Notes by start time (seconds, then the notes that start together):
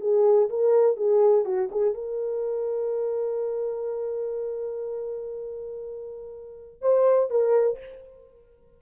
0.00 G#4
0.49 A#4
0.96 G#4
1.45 F#4
1.71 G#4
1.94 A#4
6.81 C5
7.30 A#4